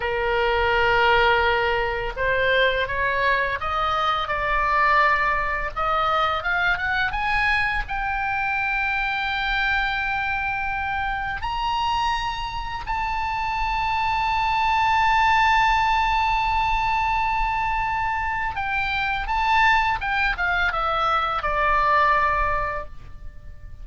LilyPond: \new Staff \with { instrumentName = "oboe" } { \time 4/4 \tempo 4 = 84 ais'2. c''4 | cis''4 dis''4 d''2 | dis''4 f''8 fis''8 gis''4 g''4~ | g''1 |
ais''2 a''2~ | a''1~ | a''2 g''4 a''4 | g''8 f''8 e''4 d''2 | }